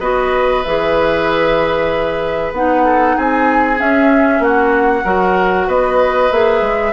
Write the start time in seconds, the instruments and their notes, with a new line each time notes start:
0.00 bassoon B3, clarinet F#4, oboe B4, flute D#5
0.63 bassoon E3, clarinet G#4, flute E5
2.52 bassoon B3, clarinet D#4, flute F#5
2.85 oboe A4
3.17 bassoon C4, oboe G#4, flute G#5
3.77 clarinet C#4, bassoon C#4, flute E5
4.40 bassoon A#3, oboe F#4, flute F#5
5.04 bassoon F#3, clarinet F#4, oboe A#4
5.67 bassoon B3, oboe B4, flute D#5
6.32 bassoon A#3, clarinet G#4, flute E5
6.62 bassoon G#3